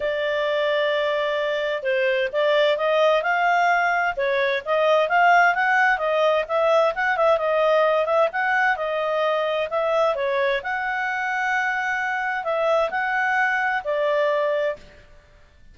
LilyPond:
\new Staff \with { instrumentName = "clarinet" } { \time 4/4 \tempo 4 = 130 d''1 | c''4 d''4 dis''4 f''4~ | f''4 cis''4 dis''4 f''4 | fis''4 dis''4 e''4 fis''8 e''8 |
dis''4. e''8 fis''4 dis''4~ | dis''4 e''4 cis''4 fis''4~ | fis''2. e''4 | fis''2 d''2 | }